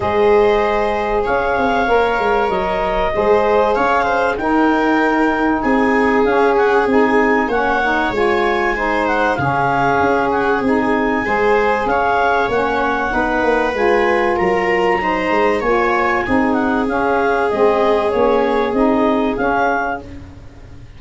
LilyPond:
<<
  \new Staff \with { instrumentName = "clarinet" } { \time 4/4 \tempo 4 = 96 dis''2 f''2 | dis''2 f''4 g''4~ | g''4 gis''4 f''8 fis''8 gis''4 | fis''4 gis''4. fis''8 f''4~ |
f''8 fis''8 gis''2 f''4 | fis''2 gis''4 ais''4~ | ais''4 gis''4. fis''8 f''4 | dis''4 cis''4 dis''4 f''4 | }
  \new Staff \with { instrumentName = "viola" } { \time 4/4 c''2 cis''2~ | cis''4 c''4 cis''8 c''8 ais'4~ | ais'4 gis'2. | cis''2 c''4 gis'4~ |
gis'2 c''4 cis''4~ | cis''4 b'2 ais'4 | c''4 cis''4 gis'2~ | gis'1 | }
  \new Staff \with { instrumentName = "saxophone" } { \time 4/4 gis'2. ais'4~ | ais'4 gis'2 dis'4~ | dis'2 cis'4 dis'4 | cis'8 dis'8 f'4 dis'4 cis'4~ |
cis'4 dis'4 gis'2 | cis'4 dis'4 f'2 | dis'4 f'4 dis'4 cis'4 | c'4 cis'4 dis'4 cis'4 | }
  \new Staff \with { instrumentName = "tuba" } { \time 4/4 gis2 cis'8 c'8 ais8 gis8 | fis4 gis4 cis'4 dis'4~ | dis'4 c'4 cis'4 c'4 | ais4 gis2 cis4 |
cis'4 c'4 gis4 cis'4 | ais4 b8 ais8 gis4 fis4~ | fis8 gis8 ais4 c'4 cis'4 | gis4 ais4 c'4 cis'4 | }
>>